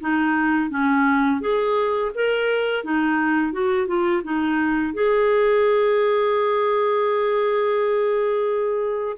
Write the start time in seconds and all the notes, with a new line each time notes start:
0.00 D#4
0.70 C#4
1.41 G#4
2.15 A#4
2.84 D#4
3.52 F#4
3.87 F4
4.23 D#4
4.93 G#4